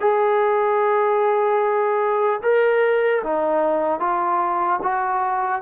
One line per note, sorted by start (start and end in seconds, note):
0.00 2.40 G#4
2.43 3.23 A#4
3.24 4.00 D#4
4.00 4.80 F4
4.83 5.62 F#4